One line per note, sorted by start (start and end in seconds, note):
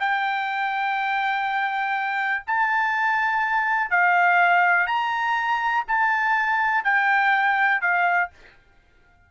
0.00 2.44 G5
2.47 3.91 A5
3.91 4.87 F5
4.87 5.85 A#5
5.88 6.84 A5
6.84 7.82 G5
7.82 8.30 F5